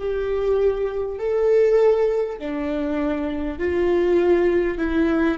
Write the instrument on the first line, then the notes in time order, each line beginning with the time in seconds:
viola
0.00 G4
1.19 A4
2.39 D4
3.59 F4
4.78 E4